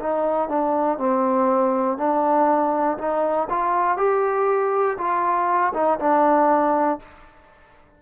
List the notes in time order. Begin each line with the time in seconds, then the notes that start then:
0.00 D#4
0.49 D4
0.98 C4
1.98 D4
2.98 D#4
3.50 F4
3.97 G4
4.98 F4
5.74 D#4
6.00 D4